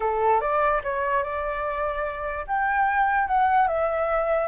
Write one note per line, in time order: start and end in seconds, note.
0.00 0.40 A4
0.40 0.81 D5
0.83 1.23 C#5
1.23 2.45 D5
2.47 3.27 G5
3.27 3.67 F#5
3.67 4.47 E5